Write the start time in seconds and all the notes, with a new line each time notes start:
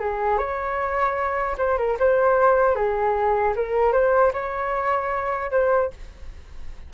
0.00 G#4
0.38 C#5
1.58 C5
1.78 A#4
2.00 C5
2.75 G#4
3.56 A#4
3.93 C5
4.33 C#5
5.51 C5